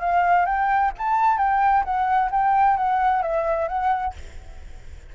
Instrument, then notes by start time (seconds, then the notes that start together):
flute
0.00 F5
0.46 G5
0.98 A5
1.38 G5
1.84 F#5
2.31 G5
2.77 F#5
3.22 E5
3.68 F#5